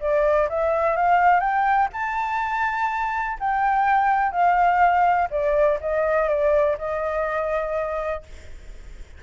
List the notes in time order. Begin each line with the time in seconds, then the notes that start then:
0.00 D5
0.49 E5
0.96 F5
1.40 G5
1.93 A5
3.40 G5
4.32 F5
5.30 D5
5.81 D#5
6.29 D5
6.78 D#5